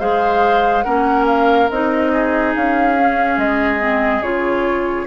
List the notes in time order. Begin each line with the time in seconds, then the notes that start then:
0.00 G#3 G#4 C5 F5
0.83 A#3 C#4 A#4 F#5
1.27 F5
1.70 C4 D#4 D#5
2.13 G#4
2.55 C#4 F5
2.99 C#4
3.38 G#3 D#5
3.80 C4
4.21 C#3 F4 C#5